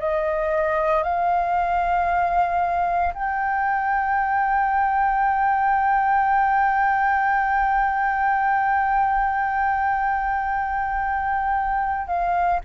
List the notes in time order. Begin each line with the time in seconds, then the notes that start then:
0.00 D#5
1.03 F5
3.14 G5
12.08 F5